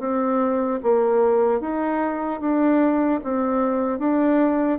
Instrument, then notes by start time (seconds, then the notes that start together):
bassoon
0.00 C4
0.83 A#3
1.61 D#4
2.41 D4
3.24 C4
3.99 D4